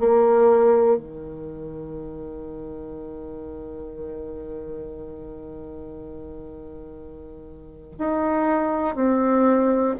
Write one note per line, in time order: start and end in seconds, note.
0.00 0.98 A#3
0.98 7.98 D#3
7.99 8.95 D#4
8.95 9.95 C4